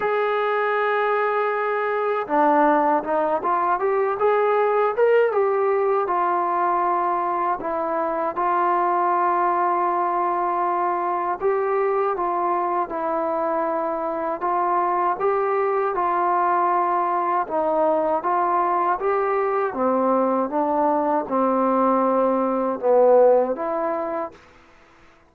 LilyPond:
\new Staff \with { instrumentName = "trombone" } { \time 4/4 \tempo 4 = 79 gis'2. d'4 | dis'8 f'8 g'8 gis'4 ais'8 g'4 | f'2 e'4 f'4~ | f'2. g'4 |
f'4 e'2 f'4 | g'4 f'2 dis'4 | f'4 g'4 c'4 d'4 | c'2 b4 e'4 | }